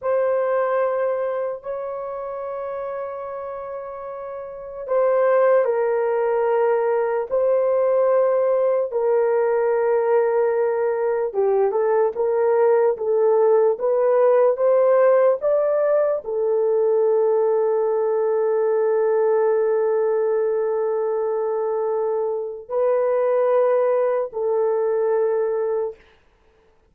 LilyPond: \new Staff \with { instrumentName = "horn" } { \time 4/4 \tempo 4 = 74 c''2 cis''2~ | cis''2 c''4 ais'4~ | ais'4 c''2 ais'4~ | ais'2 g'8 a'8 ais'4 |
a'4 b'4 c''4 d''4 | a'1~ | a'1 | b'2 a'2 | }